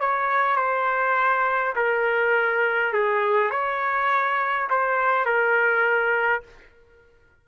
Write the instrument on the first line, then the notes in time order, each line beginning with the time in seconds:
trumpet
0.00 C#5
0.56 C5
1.75 A#4
2.93 G#4
3.51 C#5
4.70 C5
5.25 A#4